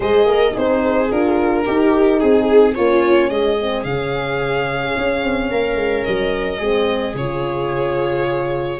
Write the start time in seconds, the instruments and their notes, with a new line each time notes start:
0.00 tuba G#3, horn G#4, viola C5, violin D#5
0.25 tuba A#3, viola A#4
0.53 tuba C4, horn D#4, viola G#4, violin C5
1.10 tuba D4, horn F4, violin A#4
1.65 horn D#4, tuba D#4, viola G4
2.19 tuba C4, violin G#4, viola G#4
2.74 tuba A#3, horn C#4, viola F4, violin C#5
3.29 tuba G#3, viola G#4, violin D#5
3.59 horn C4
3.83 tuba C#3, horn C#4, violin F5
4.96 tuba C#4
5.23 tuba C4
5.50 tuba A#3, viola A#4
5.75 tuba G#3
6.04 tuba F#3, violin D#5
6.58 tuba G#3, horn C4, viola G#4
7.14 tuba C#3, horn F4, violin C#5